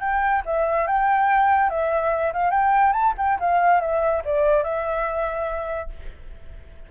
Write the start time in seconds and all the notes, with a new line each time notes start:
0.00 G5
0.45 E5
0.87 G5
1.70 E5
2.33 F5
2.50 G5
2.93 A5
3.17 G5
3.39 F5
3.80 E5
4.24 D5
4.63 E5